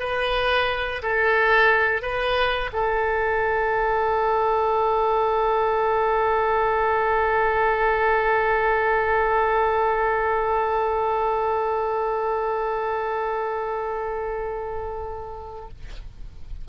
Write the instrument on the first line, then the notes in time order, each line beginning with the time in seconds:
oboe
0.00 B4
1.03 A4
2.02 B4
2.73 A4